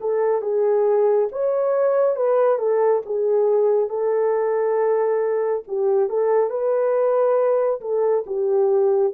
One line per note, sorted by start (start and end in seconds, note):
0.00 0.41 A4
0.41 1.28 G#4
1.32 2.15 C#5
2.15 2.58 B4
2.58 3.02 A4
3.05 3.89 G#4
3.89 5.63 A4
5.67 6.09 G4
6.09 6.49 A4
6.49 7.80 B4
7.81 8.24 A4
8.26 9.13 G4